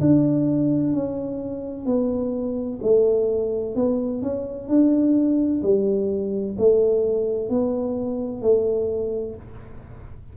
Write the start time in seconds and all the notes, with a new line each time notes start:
0.00 D4
0.93 C#4
1.86 B3
2.83 A3
3.75 B3
4.22 C#4
4.68 D4
5.62 G3
6.58 A3
7.50 B3
8.42 A3